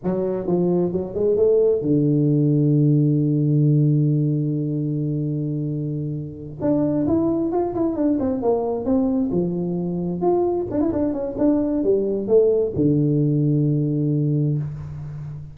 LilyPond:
\new Staff \with { instrumentName = "tuba" } { \time 4/4 \tempo 4 = 132 fis4 f4 fis8 gis8 a4 | d1~ | d1~ | d2~ d8 d'4 e'8~ |
e'8 f'8 e'8 d'8 c'8 ais4 c'8~ | c'8 f2 f'4 d'16 e'16 | d'8 cis'8 d'4 g4 a4 | d1 | }